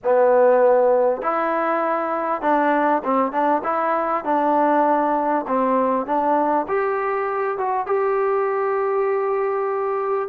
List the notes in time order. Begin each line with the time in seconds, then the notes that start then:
0.03 B3
1.21 E4
2.41 D4
3.04 C4
3.31 D4
3.63 E4
4.24 D4
5.47 C4
6.06 D4
6.68 G4
7.57 F#4
7.86 G4